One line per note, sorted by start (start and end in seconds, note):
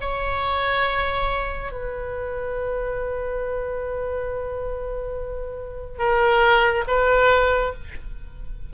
0.00 1.71 C#5
1.71 5.98 B4
5.98 6.84 A#4
6.87 7.73 B4